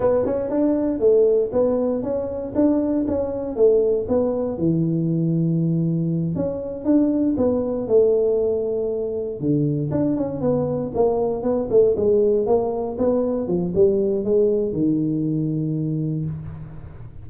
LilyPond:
\new Staff \with { instrumentName = "tuba" } { \time 4/4 \tempo 4 = 118 b8 cis'8 d'4 a4 b4 | cis'4 d'4 cis'4 a4 | b4 e2.~ | e8 cis'4 d'4 b4 a8~ |
a2~ a8 d4 d'8 | cis'8 b4 ais4 b8 a8 gis8~ | gis8 ais4 b4 f8 g4 | gis4 dis2. | }